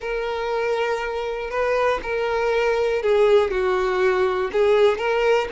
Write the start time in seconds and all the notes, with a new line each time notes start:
0.00 A#4
1.50 B4
2.02 A#4
3.02 G#4
3.50 F#4
4.52 G#4
4.97 A#4